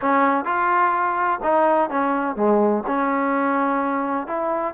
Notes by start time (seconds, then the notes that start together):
0.01 C#4
0.44 F4
1.43 D#4
1.90 C#4
2.35 G#3
2.86 C#4
4.27 E4